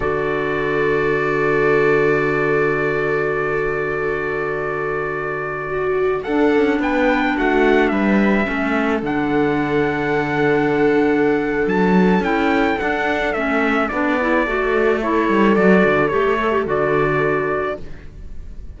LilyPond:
<<
  \new Staff \with { instrumentName = "trumpet" } { \time 4/4 \tempo 4 = 108 d''1~ | d''1~ | d''2.~ d''16 fis''8.~ | fis''16 g''4 fis''4 e''4.~ e''16~ |
e''16 fis''2.~ fis''8.~ | fis''4 a''4 g''4 fis''4 | e''4 d''2 cis''4 | d''4 cis''4 d''2 | }
  \new Staff \with { instrumentName = "viola" } { \time 4/4 a'1~ | a'1~ | a'2~ a'16 fis'4 a'8.~ | a'16 b'4 fis'4 b'4 a'8.~ |
a'1~ | a'1~ | a'4. gis'8 a'2~ | a'1 | }
  \new Staff \with { instrumentName = "clarinet" } { \time 4/4 fis'1~ | fis'1~ | fis'2.~ fis'16 d'8.~ | d'2.~ d'16 cis'8.~ |
cis'16 d'2.~ d'8.~ | d'2 e'4 d'4 | cis'4 d'8 e'8 fis'4 e'4 | fis'4 g'8 a'16 g'16 fis'2 | }
  \new Staff \with { instrumentName = "cello" } { \time 4/4 d1~ | d1~ | d2.~ d16 d'8 cis'16~ | cis'16 b4 a4 g4 a8.~ |
a16 d2.~ d8.~ | d4 fis4 cis'4 d'4 | a4 b4 a4. g8 | fis8 d8 a4 d2 | }
>>